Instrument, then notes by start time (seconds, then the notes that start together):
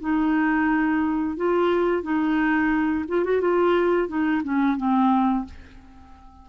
clarinet
0.00 D#4
1.37 F4
2.03 D#4
3.08 F4
3.24 F#4
3.41 F4
4.08 D#4
4.43 C#4
4.77 C4